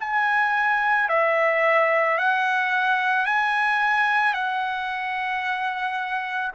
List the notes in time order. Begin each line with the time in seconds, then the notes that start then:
0.00 G#5
1.09 E5
2.18 F#5
3.26 G#5
4.33 F#5